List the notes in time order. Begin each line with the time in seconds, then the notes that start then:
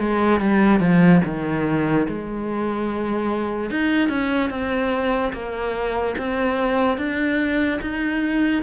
0.00 G#3
0.41 G3
0.80 F3
1.25 D#3
2.08 G#3
3.71 D#4
4.09 C#4
4.51 C4
5.33 A#3
6.19 C4
6.98 D4
7.82 D#4